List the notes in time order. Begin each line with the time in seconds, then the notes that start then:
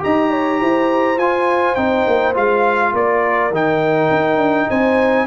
0.00 D#4 G4 D#5 A#5
0.31 C#5
0.61 E4 C5
1.18 F4 G#5
1.76 C4 D#4 G5
2.07 A#3
2.35 G#3 F4 F5
2.93 A#3 A#4 D5
3.52 D#3 D#4 G5
4.11 D#4
4.37 D4
4.69 C4 C5 G#5